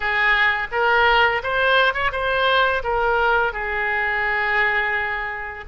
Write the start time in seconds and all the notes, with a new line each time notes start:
0.00 G#4
0.71 A#4
1.43 C5
1.93 C#5
2.11 C5
2.83 A#4
3.52 G#4